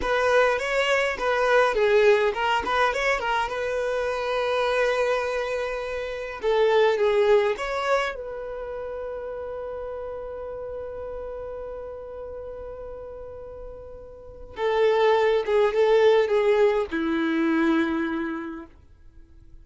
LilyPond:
\new Staff \with { instrumentName = "violin" } { \time 4/4 \tempo 4 = 103 b'4 cis''4 b'4 gis'4 | ais'8 b'8 cis''8 ais'8 b'2~ | b'2. a'4 | gis'4 cis''4 b'2~ |
b'1~ | b'1~ | b'4 a'4. gis'8 a'4 | gis'4 e'2. | }